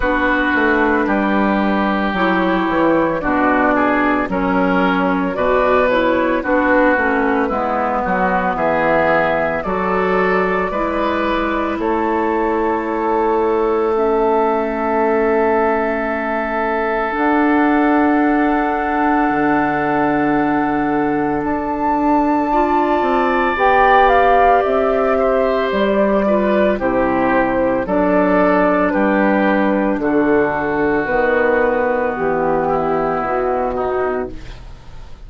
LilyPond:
<<
  \new Staff \with { instrumentName = "flute" } { \time 4/4 \tempo 4 = 56 b'2 cis''4 d''4 | cis''4 d''8 cis''8 b'2 | e''4 d''2 cis''4~ | cis''4 e''2. |
fis''1 | a''2 g''8 f''8 e''4 | d''4 c''4 d''4 b'4 | a'4 b'4 g'4 fis'4 | }
  \new Staff \with { instrumentName = "oboe" } { \time 4/4 fis'4 g'2 fis'8 gis'8 | ais'4 b'4 fis'4 e'8 fis'8 | gis'4 a'4 b'4 a'4~ | a'1~ |
a'1~ | a'4 d''2~ d''8 c''8~ | c''8 b'8 g'4 a'4 g'4 | fis'2~ fis'8 e'4 dis'8 | }
  \new Staff \with { instrumentName = "clarinet" } { \time 4/4 d'2 e'4 d'4 | cis'4 fis'8 e'8 d'8 cis'8 b4~ | b4 fis'4 e'2~ | e'4 cis'2. |
d'1~ | d'4 f'4 g'2~ | g'8 f'8 e'4 d'2~ | d'4 b2. | }
  \new Staff \with { instrumentName = "bassoon" } { \time 4/4 b8 a8 g4 fis8 e8 b,4 | fis4 b,4 b8 a8 gis8 fis8 | e4 fis4 gis4 a4~ | a1 |
d'2 d2 | d'4. c'8 b4 c'4 | g4 c4 fis4 g4 | d4 dis4 e4 b,4 | }
>>